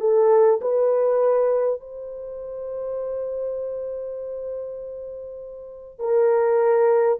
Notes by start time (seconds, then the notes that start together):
0.00 A4
0.61 B4
1.80 C5
5.99 A#4